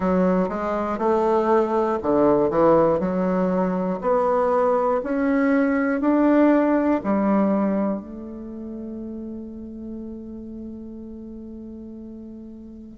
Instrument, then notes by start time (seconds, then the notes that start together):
bassoon
0.00 F#3
0.49 G#3
0.98 A3
2.02 D3
2.50 E3
3.00 F#3
4.00 B3
5.03 C#4
6.00 D4
7.03 G3
8.00 A3